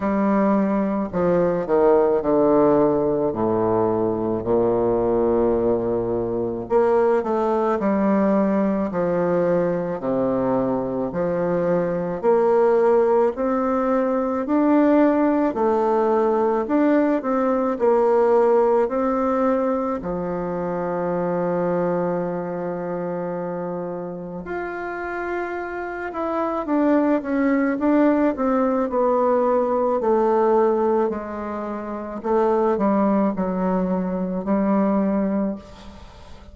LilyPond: \new Staff \with { instrumentName = "bassoon" } { \time 4/4 \tempo 4 = 54 g4 f8 dis8 d4 a,4 | ais,2 ais8 a8 g4 | f4 c4 f4 ais4 | c'4 d'4 a4 d'8 c'8 |
ais4 c'4 f2~ | f2 f'4. e'8 | d'8 cis'8 d'8 c'8 b4 a4 | gis4 a8 g8 fis4 g4 | }